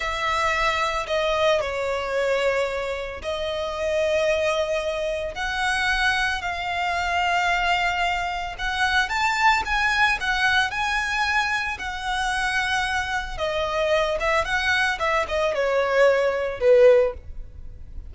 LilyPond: \new Staff \with { instrumentName = "violin" } { \time 4/4 \tempo 4 = 112 e''2 dis''4 cis''4~ | cis''2 dis''2~ | dis''2 fis''2 | f''1 |
fis''4 a''4 gis''4 fis''4 | gis''2 fis''2~ | fis''4 dis''4. e''8 fis''4 | e''8 dis''8 cis''2 b'4 | }